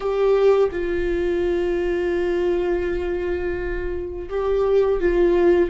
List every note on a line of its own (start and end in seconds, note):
0.00 0.69 G4
0.71 4.29 F4
4.29 5.00 G4
5.00 5.69 F4